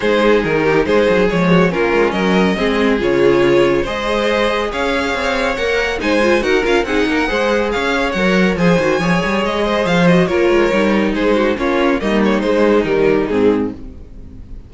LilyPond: <<
  \new Staff \with { instrumentName = "violin" } { \time 4/4 \tempo 4 = 140 c''4 ais'4 c''4 cis''4 | ais'4 dis''2 cis''4~ | cis''4 dis''2 f''4~ | f''4 fis''4 gis''4 fis''8 f''8 |
fis''2 f''4 fis''4 | gis''2 dis''4 f''8 dis''8 | cis''2 c''4 cis''4 | dis''8 cis''8 c''4 ais'4 gis'4 | }
  \new Staff \with { instrumentName = "violin" } { \time 4/4 gis'4. g'8 gis'4. fis'8 | f'4 ais'4 gis'2~ | gis'4 c''2 cis''4~ | cis''2 c''4 ais'4 |
gis'8 ais'8 c''4 cis''2 | c''4 cis''4. c''4. | ais'2 gis'8 fis'8 f'4 | dis'1 | }
  \new Staff \with { instrumentName = "viola" } { \time 4/4 dis'2. gis4 | cis'2 c'4 f'4~ | f'4 gis'2.~ | gis'4 ais'4 dis'8 f'8 fis'8 f'8 |
dis'4 gis'2 ais'4 | gis'8 fis'8 gis'2~ gis'8 fis'8 | f'4 dis'2 cis'4 | ais4 gis4 g4 c'4 | }
  \new Staff \with { instrumentName = "cello" } { \time 4/4 gis4 dis4 gis8 fis8 f4 | ais8 gis8 fis4 gis4 cis4~ | cis4 gis2 cis'4 | c'4 ais4 gis4 dis'8 cis'8 |
c'8 ais8 gis4 cis'4 fis4 | f8 dis8 f8 g8 gis4 f4 | ais8 gis8 g4 gis4 ais4 | g4 gis4 dis4 gis,4 | }
>>